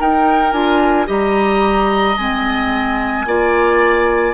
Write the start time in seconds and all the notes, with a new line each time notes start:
0.00 D#4 A#4 G5
0.52 D4 F4 G#5
1.06 G3 G4 D#5 A#5
2.17 G#3 C4 G#5
3.26 A#3 F4 D5